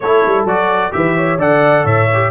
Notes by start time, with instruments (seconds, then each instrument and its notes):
0.00 tuba A3, trombone E4, horn A4, trumpet C#5
0.26 tuba G3
0.44 tuba F#3, trombone F#4, trumpet D5
0.91 tuba E3, trombone G4, horn B4, trumpet E5
1.16 horn C#5
1.38 tuba D3, trombone A4, horn D5, trumpet F#5
1.84 tuba A2, horn C#5, trumpet E5
2.13 trombone G4